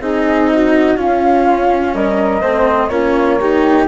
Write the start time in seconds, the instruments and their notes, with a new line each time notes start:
0.00 bassoon C4, cello D#4, flute G#4 D#5
0.52 flute F#4
0.96 bassoon C#4, cello C#4, flute F4 F5
1.94 bassoon G3, flute A#4 D#5
2.42 bassoon A3, cello C4, flute C5
2.89 bassoon A#3, cello C#4, flute F4 C#5
3.40 cello D#4, flute G4